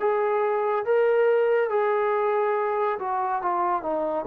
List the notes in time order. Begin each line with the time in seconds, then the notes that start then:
0.00 G#4
0.85 A#4
1.70 G#4
3.00 F#4
3.42 F4
3.83 D#4